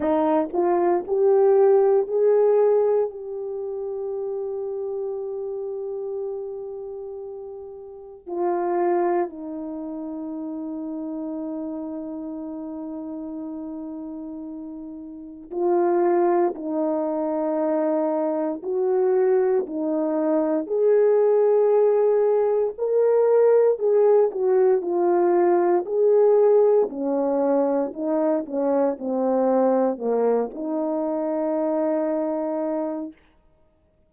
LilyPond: \new Staff \with { instrumentName = "horn" } { \time 4/4 \tempo 4 = 58 dis'8 f'8 g'4 gis'4 g'4~ | g'1 | f'4 dis'2.~ | dis'2. f'4 |
dis'2 fis'4 dis'4 | gis'2 ais'4 gis'8 fis'8 | f'4 gis'4 cis'4 dis'8 cis'8 | c'4 ais8 dis'2~ dis'8 | }